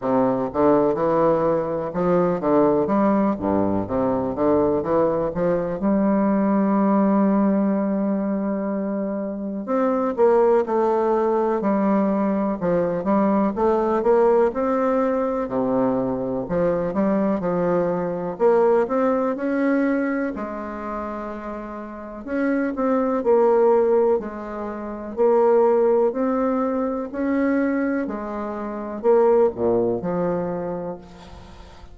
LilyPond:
\new Staff \with { instrumentName = "bassoon" } { \time 4/4 \tempo 4 = 62 c8 d8 e4 f8 d8 g8 g,8 | c8 d8 e8 f8 g2~ | g2 c'8 ais8 a4 | g4 f8 g8 a8 ais8 c'4 |
c4 f8 g8 f4 ais8 c'8 | cis'4 gis2 cis'8 c'8 | ais4 gis4 ais4 c'4 | cis'4 gis4 ais8 ais,8 f4 | }